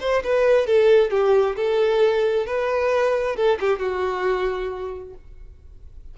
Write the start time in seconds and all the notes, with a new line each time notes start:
0.00 C5
0.23 B4
0.66 A4
1.10 G4
1.56 A4
2.46 B4
3.36 A4
3.60 G4
3.79 F#4